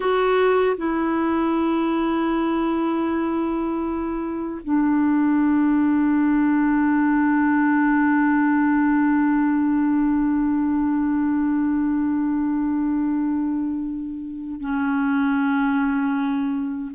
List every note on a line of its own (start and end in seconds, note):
0.00 0.76 F#4
0.77 4.62 E4
4.64 14.60 D4
14.60 16.91 C#4